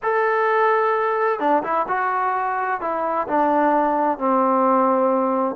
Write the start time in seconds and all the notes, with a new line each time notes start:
0.02 A4
1.39 D4
1.63 E4
1.87 F#4
2.80 E4
3.27 D4
4.18 C4